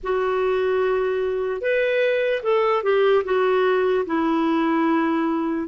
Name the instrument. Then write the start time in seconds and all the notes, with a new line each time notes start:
clarinet
0.03 F#4
1.61 B4
2.43 A4
2.83 G4
3.24 F#4
4.05 E4